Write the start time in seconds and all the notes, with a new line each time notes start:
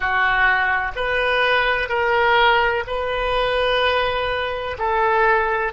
0.00 F#4
0.95 B4
1.88 A#4
2.86 B4
4.78 A4